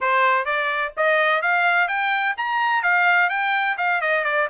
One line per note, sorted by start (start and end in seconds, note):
0.00 0.45 C5
0.45 0.92 D5
0.96 1.42 D#5
1.42 1.88 F5
1.88 2.35 G5
2.37 2.82 A#5
2.82 3.29 F5
3.29 3.76 G5
3.77 4.01 F5
4.01 4.24 D#5
4.24 4.48 D5